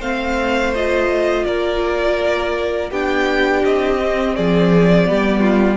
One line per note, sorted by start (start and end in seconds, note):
0.00 1.45 A3
0.00 0.74 C4
0.00 1.45 C5
0.00 0.74 F5
0.75 2.92 F4
0.75 1.46 D#5
1.46 2.92 A#3
1.46 2.91 A#4
1.46 2.91 D5
2.91 3.64 B3
2.91 3.99 D4
2.91 4.35 G4
2.91 3.65 G5
3.65 4.38 C4
3.65 4.36 D#5
3.99 5.06 C4
4.36 5.11 F3
4.36 5.09 G#4
4.36 5.77 D5
5.06 5.77 G3
5.06 5.77 B3
5.06 5.41 G4
5.41 5.77 F4